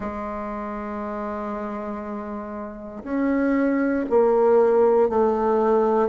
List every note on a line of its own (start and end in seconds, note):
0.00 3.03 G#3
3.03 4.05 C#4
4.09 5.09 A#3
5.09 6.08 A3